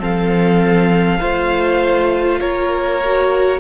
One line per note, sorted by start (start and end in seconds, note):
0.00 1.21 F3
0.00 1.20 C4
0.00 1.20 A4
0.00 2.41 F5
1.20 2.42 A3
1.20 3.00 F4
1.20 2.40 C5
2.41 3.60 A#3
2.41 3.60 A#4
2.41 3.60 C#5
3.05 3.60 F#4